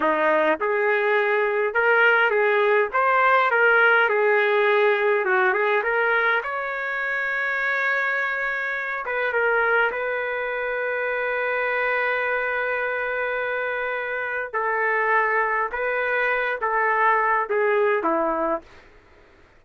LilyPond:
\new Staff \with { instrumentName = "trumpet" } { \time 4/4 \tempo 4 = 103 dis'4 gis'2 ais'4 | gis'4 c''4 ais'4 gis'4~ | gis'4 fis'8 gis'8 ais'4 cis''4~ | cis''2.~ cis''8 b'8 |
ais'4 b'2.~ | b'1~ | b'4 a'2 b'4~ | b'8 a'4. gis'4 e'4 | }